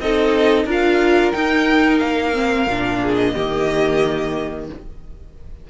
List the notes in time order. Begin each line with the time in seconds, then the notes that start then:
0.00 C4 D#4 A4 D#5
0.65 D4 F4 A#4
0.71 F5
1.32 D#4 G5
1.98 A#3 F5
2.33 C4
2.67 A#2 D4
3.02 G#4
3.15 D#5
3.34 D#3 A#3 G4